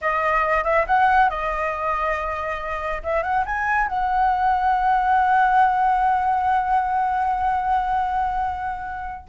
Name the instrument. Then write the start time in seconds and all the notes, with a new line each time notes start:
flute
0.01 D#5
0.64 E5
0.87 F#5
1.29 D#5
3.03 E5
3.22 F#5
3.45 G#5
3.87 F#5